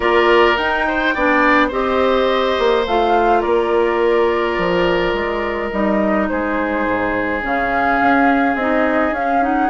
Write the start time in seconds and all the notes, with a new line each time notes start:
0.00 A#3 F4 A#4 D5
0.56 D#4 G5
0.87 C5
1.14 B3 D4 D5
1.68 C4 G4 C5 D#5
2.58 A#3
2.86 A3 F4 F5
3.41 A#3 A#4 D5
4.57 F3
5.13 G#3
5.70 G3 D#4 D#5
6.28 G#3 G#4 C5
6.86 G#2
7.41 C#3 C#4 F5
8.01 C#4
8.55 C4 D#4 D#5
9.11 C#4 F5
9.42 D#4 F#5